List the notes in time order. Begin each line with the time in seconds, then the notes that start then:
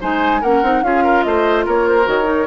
0.00 G#3 D#4 C5 G#5
0.41 A#3 C#4 A#4 F#5
0.62 C4 D#4
0.82 C#4 F4 G#4 F5
1.03 A#4
1.23 A3 C5 D#5
1.65 A#3 A#4 C#5
1.88 C5
2.03 D#3 F#4 C#5
2.23 D#4